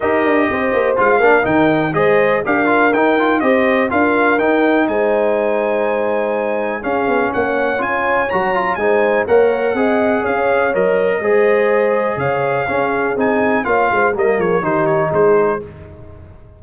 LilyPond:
<<
  \new Staff \with { instrumentName = "trumpet" } { \time 4/4 \tempo 4 = 123 dis''2 f''4 g''4 | dis''4 f''4 g''4 dis''4 | f''4 g''4 gis''2~ | gis''2 f''4 fis''4 |
gis''4 ais''4 gis''4 fis''4~ | fis''4 f''4 dis''2~ | dis''4 f''2 gis''4 | f''4 dis''8 cis''8 c''8 cis''8 c''4 | }
  \new Staff \with { instrumentName = "horn" } { \time 4/4 ais'4 c''4. ais'4. | c''4 ais'2 c''4 | ais'2 c''2~ | c''2 gis'4 cis''4~ |
cis''2 c''4 cis''4 | dis''4 cis''2 c''4~ | c''4 cis''4 gis'2 | cis''8 c''8 ais'8 gis'8 g'4 gis'4 | }
  \new Staff \with { instrumentName = "trombone" } { \time 4/4 g'2 f'8 d'8 dis'4 | gis'4 g'8 f'8 dis'8 f'8 g'4 | f'4 dis'2.~ | dis'2 cis'2 |
f'4 fis'8 f'8 dis'4 ais'4 | gis'2 ais'4 gis'4~ | gis'2 cis'4 dis'4 | f'4 ais4 dis'2 | }
  \new Staff \with { instrumentName = "tuba" } { \time 4/4 dis'8 d'8 c'8 ais8 gis8 ais8 dis4 | gis4 d'4 dis'4 c'4 | d'4 dis'4 gis2~ | gis2 cis'8 b8 ais4 |
cis'4 fis4 gis4 ais4 | c'4 cis'4 fis4 gis4~ | gis4 cis4 cis'4 c'4 | ais8 gis8 g8 f8 dis4 gis4 | }
>>